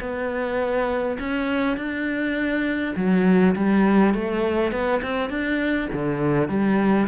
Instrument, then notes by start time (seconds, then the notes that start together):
cello
0.00 B3
1.19 C#4
1.77 D4
2.96 F#3
3.55 G3
4.14 A3
4.71 B3
5.02 C4
5.30 D4
5.93 D3
6.48 G3